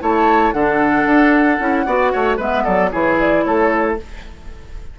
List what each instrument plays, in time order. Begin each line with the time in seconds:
0.00 bassoon A3, clarinet E4, oboe C#5, flute A5
0.52 bassoon D3, clarinet D4, oboe A4, flute F#5
1.05 bassoon D4
1.59 bassoon C#4, clarinet E4
1.85 bassoon B3, clarinet F#4, oboe D5
2.12 bassoon A3, oboe C#5
2.36 bassoon G#3, clarinet B3, oboe B4, flute E5
2.63 bassoon F#3, oboe A4, flute D5
2.91 bassoon E3, clarinet E4, oboe G#4, flute C#5
3.19 flute D5
3.43 bassoon A3, oboe A4, flute C#5